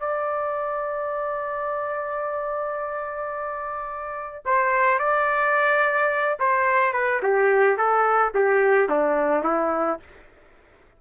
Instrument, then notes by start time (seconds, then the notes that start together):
trumpet
0.00 D5
4.46 C5
4.99 D5
6.40 C5
6.93 B4
7.23 G4
7.78 A4
8.35 G4
8.89 D4
9.44 E4